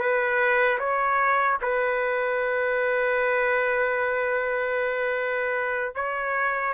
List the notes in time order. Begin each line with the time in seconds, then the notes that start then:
0.00 B4
0.79 C#5
1.62 B4
5.95 C#5